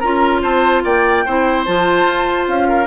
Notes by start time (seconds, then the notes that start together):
0.00 C#4 F4 A#4 A#5
0.43 C4 C5 A5
0.84 A#3 D5 G5
1.26 C4 E4 C5
1.65 F3 F4 A5
2.06 F4
2.48 C#4 F5
2.69 A#4